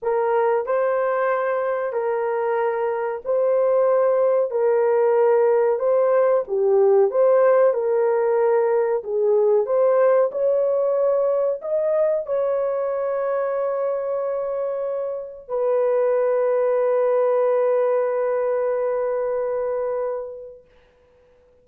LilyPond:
\new Staff \with { instrumentName = "horn" } { \time 4/4 \tempo 4 = 93 ais'4 c''2 ais'4~ | ais'4 c''2 ais'4~ | ais'4 c''4 g'4 c''4 | ais'2 gis'4 c''4 |
cis''2 dis''4 cis''4~ | cis''1 | b'1~ | b'1 | }